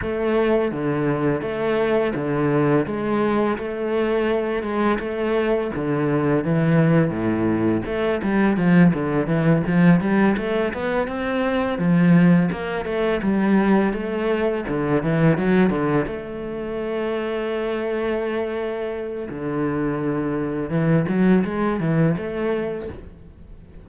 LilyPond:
\new Staff \with { instrumentName = "cello" } { \time 4/4 \tempo 4 = 84 a4 d4 a4 d4 | gis4 a4. gis8 a4 | d4 e4 a,4 a8 g8 | f8 d8 e8 f8 g8 a8 b8 c'8~ |
c'8 f4 ais8 a8 g4 a8~ | a8 d8 e8 fis8 d8 a4.~ | a2. d4~ | d4 e8 fis8 gis8 e8 a4 | }